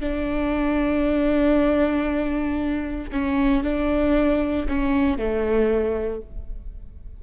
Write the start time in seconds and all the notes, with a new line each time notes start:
0.00 D4
3.12 C#4
3.63 D4
4.68 C#4
5.18 A3